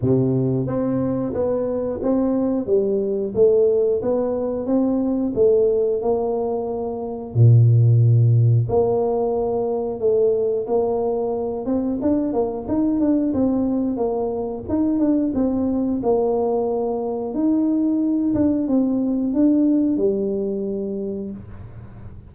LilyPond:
\new Staff \with { instrumentName = "tuba" } { \time 4/4 \tempo 4 = 90 c4 c'4 b4 c'4 | g4 a4 b4 c'4 | a4 ais2 ais,4~ | ais,4 ais2 a4 |
ais4. c'8 d'8 ais8 dis'8 d'8 | c'4 ais4 dis'8 d'8 c'4 | ais2 dis'4. d'8 | c'4 d'4 g2 | }